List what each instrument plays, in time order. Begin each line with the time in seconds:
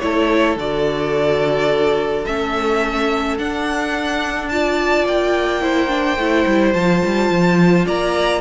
0.00 cello A3, viola E4, violin A4 C#5
0.56 cello D3, viola F#4, violin D5
2.25 cello A3, viola C#4, violin E5
3.38 viola D4, cello D4, violin F#5
4.49 viola F4, violin D5 A5
5.05 cello A#3, violin G5
5.61 viola E4, violin C5
5.88 viola D4
6.17 cello A3, viola E4
6.46 cello G3
6.73 cello F3, viola F4, violin A5
7.05 cello G3
7.30 cello F3
7.86 cello A#3, violin D5 A#5